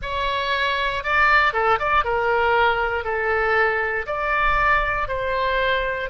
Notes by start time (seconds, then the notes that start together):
0.01 C#5
1.04 D5
1.53 A4
1.78 D5
2.04 A#4
3.04 A4
4.06 D5
5.08 C5